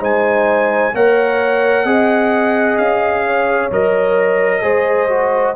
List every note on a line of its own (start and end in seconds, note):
0.00 0.92 G#3
0.00 0.92 D#4
0.00 0.93 C5
0.00 0.95 G#5
0.94 1.84 A#3
0.94 1.86 A#4
0.94 1.86 C#5
0.94 2.77 F#5
1.84 2.77 C4
1.84 3.70 G#4
1.84 3.24 D#5
2.77 3.70 C#4
2.77 3.69 F5
3.26 4.62 C#5
3.70 4.62 F#3
3.70 4.62 A#4
3.70 5.56 D#5
4.62 5.55 G#3
4.62 5.08 G#4
4.62 5.54 C5
5.09 5.55 F#4